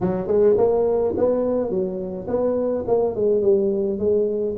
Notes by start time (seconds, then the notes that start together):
0.00 F#3
0.27 G#3
0.57 A#3
1.17 B3
1.69 F#3
2.27 B3
2.87 A#3
3.15 G#3
3.41 G3
3.98 G#3